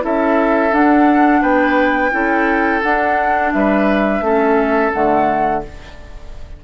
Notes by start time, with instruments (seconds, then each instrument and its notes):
0.00 bassoon C#4, clarinet E4, oboe A4, flute E5
0.72 bassoon D4, clarinet D4, flute F#5
1.41 bassoon B3, oboe B4, flute G5
2.11 bassoon C#4, clarinet E4, oboe A4
2.82 bassoon D4, clarinet D4, flute F#5
3.53 bassoon G3, oboe B4, flute E5
4.20 bassoon A3, clarinet C#4, oboe A4
4.93 bassoon D3, clarinet A3, flute F#5